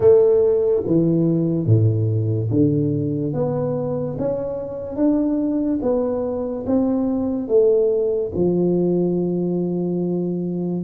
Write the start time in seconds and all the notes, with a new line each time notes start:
0.00 A3
0.86 E3
1.66 A2
2.50 D3
3.33 B3
4.18 C#4
4.95 D4
5.81 B3
6.66 C4
7.48 A3
8.34 F3